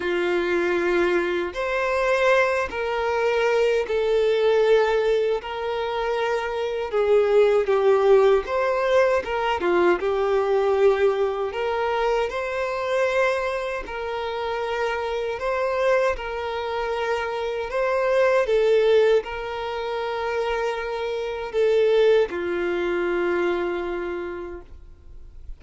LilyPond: \new Staff \with { instrumentName = "violin" } { \time 4/4 \tempo 4 = 78 f'2 c''4. ais'8~ | ais'4 a'2 ais'4~ | ais'4 gis'4 g'4 c''4 | ais'8 f'8 g'2 ais'4 |
c''2 ais'2 | c''4 ais'2 c''4 | a'4 ais'2. | a'4 f'2. | }